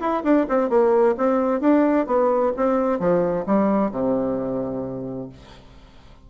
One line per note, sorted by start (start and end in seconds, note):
0.00 0.23 E4
0.23 0.46 D4
0.49 0.69 C4
0.69 1.15 A#3
1.17 1.61 C4
1.61 2.06 D4
2.07 2.52 B3
2.56 2.99 C4
2.99 3.45 F3
3.46 3.91 G3
3.91 5.29 C3